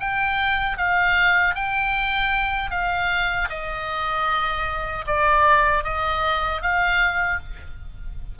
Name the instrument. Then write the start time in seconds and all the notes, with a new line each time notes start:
oboe
0.00 G5
0.78 F5
1.55 G5
2.71 F5
3.50 D#5
5.07 D5
5.84 D#5
6.62 F5